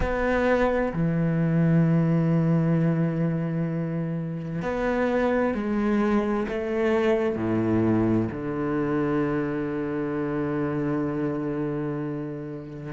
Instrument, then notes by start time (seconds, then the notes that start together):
cello
0.00 B3
0.93 E3
4.62 B3
5.54 G#3
6.48 A3
7.36 A2
8.31 D3